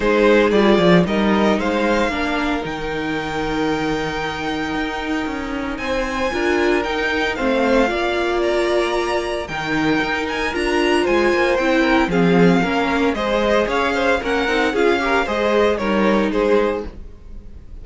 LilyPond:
<<
  \new Staff \with { instrumentName = "violin" } { \time 4/4 \tempo 4 = 114 c''4 d''4 dis''4 f''4~ | f''4 g''2.~ | g''2. gis''4~ | gis''4 g''4 f''2 |
ais''2 g''4. gis''8 | ais''4 gis''4 g''4 f''4~ | f''4 dis''4 f''4 fis''4 | f''4 dis''4 cis''4 c''4 | }
  \new Staff \with { instrumentName = "violin" } { \time 4/4 gis'2 ais'4 c''4 | ais'1~ | ais'2. c''4 | ais'2 c''4 d''4~ |
d''2 ais'2~ | ais'4 c''4. ais'8 gis'4 | ais'4 c''4 cis''8 c''8 ais'4 | gis'8 ais'8 c''4 ais'4 gis'4 | }
  \new Staff \with { instrumentName = "viola" } { \time 4/4 dis'4 f'4 dis'2 | d'4 dis'2.~ | dis'1 | f'4 dis'4 c'4 f'4~ |
f'2 dis'2 | f'2 e'4 c'4 | cis'4 gis'2 cis'8 dis'8 | f'8 g'8 gis'4 dis'2 | }
  \new Staff \with { instrumentName = "cello" } { \time 4/4 gis4 g8 f8 g4 gis4 | ais4 dis2.~ | dis4 dis'4 cis'4 c'4 | d'4 dis'4 a4 ais4~ |
ais2 dis4 dis'4 | d'4 gis8 ais8 c'4 f4 | ais4 gis4 cis'4 ais8 c'8 | cis'4 gis4 g4 gis4 | }
>>